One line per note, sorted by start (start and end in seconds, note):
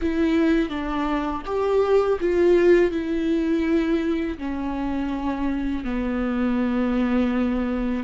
0.01 0.69 E4
0.69 1.42 D4
1.45 2.18 G4
2.20 2.91 F4
2.91 4.37 E4
4.37 5.84 C#4
5.84 8.03 B3